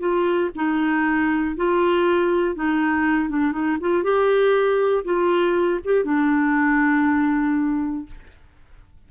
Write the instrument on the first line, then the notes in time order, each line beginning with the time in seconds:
clarinet
0.00 F4
0.55 D#4
1.57 F4
2.55 D#4
3.30 D4
3.52 D#4
3.80 F4
4.03 G4
5.05 F4
5.85 G4
6.05 D4